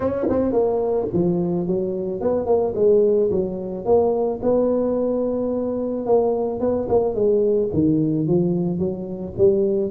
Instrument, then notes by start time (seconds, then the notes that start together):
tuba
0.00 C#4
0.29 C4
0.52 A#3
1.13 F3
1.67 F#3
2.20 B3
2.46 A#3
2.75 G#3
3.31 F#3
3.85 A#3
4.42 B3
6.06 A#3
6.60 B3
6.88 A#3
7.14 G#3
7.73 D#3
8.27 F3
8.78 F#3
9.37 G3